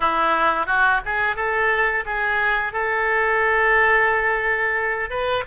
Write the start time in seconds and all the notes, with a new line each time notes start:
0.00 E4
0.66 F#4
1.05 G#4
1.36 A4
2.05 G#4
2.72 A4
5.10 B4